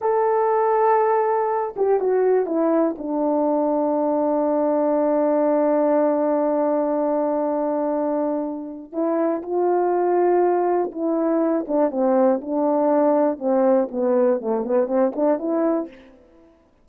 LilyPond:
\new Staff \with { instrumentName = "horn" } { \time 4/4 \tempo 4 = 121 a'2.~ a'8 g'8 | fis'4 e'4 d'2~ | d'1~ | d'1~ |
d'2 e'4 f'4~ | f'2 e'4. d'8 | c'4 d'2 c'4 | b4 a8 b8 c'8 d'8 e'4 | }